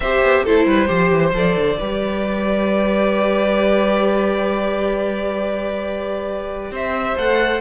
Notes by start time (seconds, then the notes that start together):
0.00 C4 G4 C5 E5
0.22 B3
0.43 A3 E4 A4 C5
0.66 G3 B4
0.87 F3 G4 C5
1.10 E3
1.33 F3 A4 D5
1.55 D3
1.79 G3 G4 B4
6.70 C4 C5 E5
7.16 A3 A4 F#5